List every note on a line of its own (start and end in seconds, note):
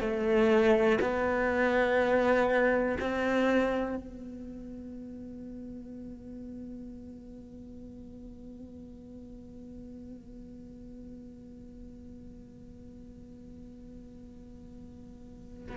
0.00 0.98 A3
1.01 2.97 B3
3.00 3.96 C4
3.96 15.76 B3